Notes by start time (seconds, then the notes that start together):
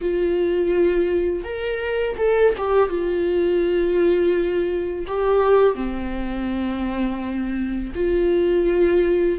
0.01 F4
1.44 A#4
2.17 A4
2.57 G4
2.89 F4
5.07 G4
5.75 C4
7.95 F4